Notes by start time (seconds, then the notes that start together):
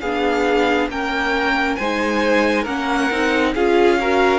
0.00 B3 D4 G#4 F5
0.88 A#3 C#4 A#4 G5
1.76 G#3 D#4 C5 G#5
2.62 A#3 C#4 A#4 F#5
3.10 C4 D#4
3.54 C#4 F4 G#4 F5
4.00 F#4 A#4